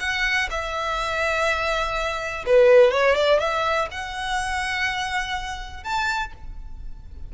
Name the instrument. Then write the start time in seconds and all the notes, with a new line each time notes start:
violin
0.00 F#5
0.50 E5
2.46 B4
2.91 C#5
3.15 D5
3.40 E5
3.91 F#5
5.84 A5